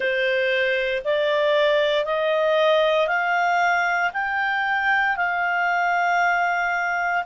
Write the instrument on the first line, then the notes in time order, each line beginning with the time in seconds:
clarinet
0.00 C5
1.04 D5
2.05 D#5
3.07 F5
4.13 G5
5.16 F5